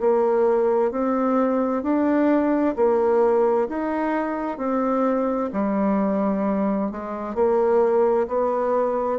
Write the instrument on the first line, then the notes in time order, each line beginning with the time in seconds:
bassoon
0.00 A#3
0.91 C4
1.83 D4
2.76 A#3
3.69 D#4
4.58 C4
5.53 G3
6.91 G#3
7.35 A#3
8.27 B3